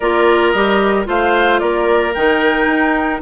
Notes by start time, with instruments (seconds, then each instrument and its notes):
0.00 bassoon A#3, clarinet F4, oboe A#4, flute D5
0.51 bassoon G3, clarinet G4, flute D#5
1.05 bassoon A3, clarinet F4, oboe C5, flute F5
1.59 bassoon A#3, oboe A#4, flute D5
2.14 bassoon D#3, clarinet D#4, flute G5
2.66 bassoon D#4